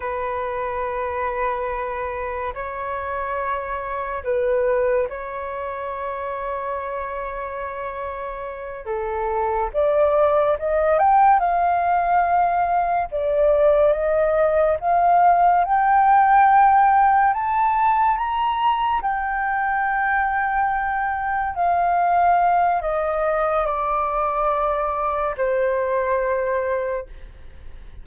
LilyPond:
\new Staff \with { instrumentName = "flute" } { \time 4/4 \tempo 4 = 71 b'2. cis''4~ | cis''4 b'4 cis''2~ | cis''2~ cis''8 a'4 d''8~ | d''8 dis''8 g''8 f''2 d''8~ |
d''8 dis''4 f''4 g''4.~ | g''8 a''4 ais''4 g''4.~ | g''4. f''4. dis''4 | d''2 c''2 | }